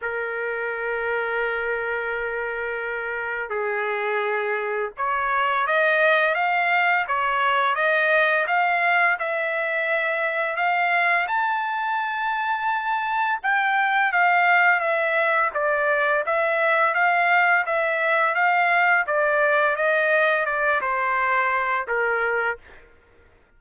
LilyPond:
\new Staff \with { instrumentName = "trumpet" } { \time 4/4 \tempo 4 = 85 ais'1~ | ais'4 gis'2 cis''4 | dis''4 f''4 cis''4 dis''4 | f''4 e''2 f''4 |
a''2. g''4 | f''4 e''4 d''4 e''4 | f''4 e''4 f''4 d''4 | dis''4 d''8 c''4. ais'4 | }